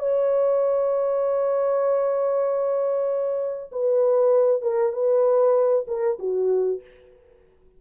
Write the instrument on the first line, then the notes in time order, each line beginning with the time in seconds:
horn
0.00 C#5
3.72 B4
4.63 A#4
4.93 B4
5.88 A#4
6.20 F#4